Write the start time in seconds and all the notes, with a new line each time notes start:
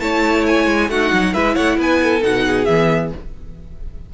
0.00 A3 E4 C#5 A5
0.47 G#5
0.67 G#3
0.89 A3 D#4 F#4 F#5
1.13 F#3
1.33 G#3 E4 B4 E5
1.54 A3 C#5 F#5
1.78 B3 B4 G#5
2.02 A4
2.22 B2 D#4 F#5
2.46 G#4
2.65 E3 B3 E5